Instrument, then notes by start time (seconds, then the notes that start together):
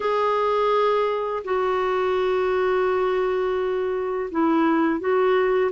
clarinet
0.00 G#4
1.44 F#4
4.31 E4
4.99 F#4